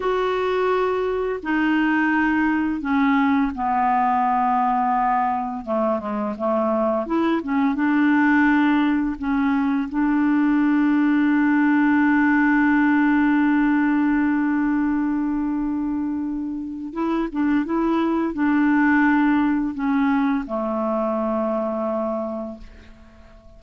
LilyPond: \new Staff \with { instrumentName = "clarinet" } { \time 4/4 \tempo 4 = 85 fis'2 dis'2 | cis'4 b2. | a8 gis8 a4 e'8 cis'8 d'4~ | d'4 cis'4 d'2~ |
d'1~ | d'1 | e'8 d'8 e'4 d'2 | cis'4 a2. | }